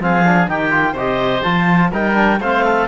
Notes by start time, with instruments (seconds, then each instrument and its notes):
0.00 cello F3, trombone C4, oboe G#4, clarinet F5
0.25 trombone D4
0.48 cello D#3, trombone D#4, oboe G4, clarinet G5
0.71 trombone F4
0.93 cello C3, trombone G4, oboe C5, clarinet D#5
1.42 cello F3, trombone F4, clarinet A5
1.92 cello G3, trombone D#4, oboe A#4, clarinet G5
2.14 trombone D4
2.40 cello A3, trombone C4, oboe C5, clarinet F5
2.64 oboe A4